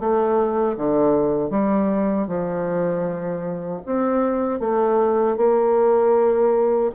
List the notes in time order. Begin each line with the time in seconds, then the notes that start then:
0.00 A3
0.78 D3
1.51 G3
2.28 F3
3.86 C4
4.60 A3
5.37 A#3